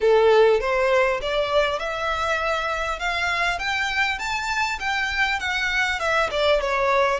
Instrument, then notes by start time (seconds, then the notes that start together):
violin
0.01 A4
0.60 C5
1.21 D5
1.79 E5
2.99 F5
3.58 G5
4.18 A5
4.79 G5
5.39 F#5
5.99 E5
6.30 D5
6.60 C#5